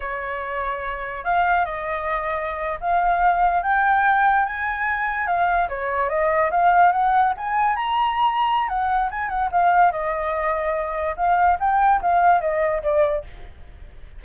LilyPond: \new Staff \with { instrumentName = "flute" } { \time 4/4 \tempo 4 = 145 cis''2. f''4 | dis''2~ dis''8. f''4~ f''16~ | f''8. g''2 gis''4~ gis''16~ | gis''8. f''4 cis''4 dis''4 f''16~ |
f''8. fis''4 gis''4 ais''4~ ais''16~ | ais''4 fis''4 gis''8 fis''8 f''4 | dis''2. f''4 | g''4 f''4 dis''4 d''4 | }